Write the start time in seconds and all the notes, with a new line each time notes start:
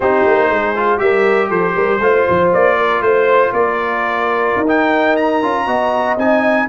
0.00 C4 D#4 G4 C5
0.26 A#3
0.49 G#3 G#4
0.76 F4
0.98 G3 G4 A#4 E5
1.49 F3 A4 C5
1.75 G3 A#4
1.99 A3 F4 C5
2.29 F3
2.53 A#3 D5
2.77 A#4
3.00 A3 C5
3.52 A#3 A#4 D5
4.56 D#4
4.67 D#4 G5
5.16 A#5
5.42 C#4 F4
5.66 B3 F#4 D#5
6.17 C4 D#4 G#5